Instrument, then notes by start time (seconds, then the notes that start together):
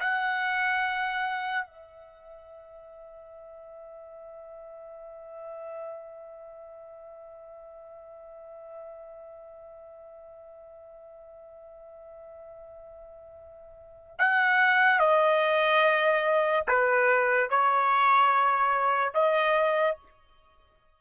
trumpet
0.00 F#5
1.66 E5
14.19 F#5
15.00 D#5
16.67 B4
17.50 C#5
19.14 D#5